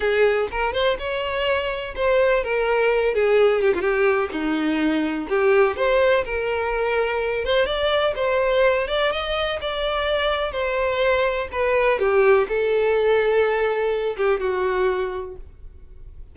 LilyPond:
\new Staff \with { instrumentName = "violin" } { \time 4/4 \tempo 4 = 125 gis'4 ais'8 c''8 cis''2 | c''4 ais'4. gis'4 g'16 f'16 | g'4 dis'2 g'4 | c''4 ais'2~ ais'8 c''8 |
d''4 c''4. d''8 dis''4 | d''2 c''2 | b'4 g'4 a'2~ | a'4. g'8 fis'2 | }